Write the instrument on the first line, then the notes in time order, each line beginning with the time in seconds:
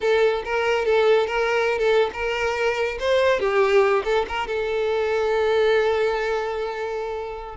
violin
0.00 A4
0.44 A#4
0.85 A4
1.26 A#4
1.78 A4
2.13 A#4
2.99 C5
3.39 G4
4.04 A4
4.28 A#4
4.47 A4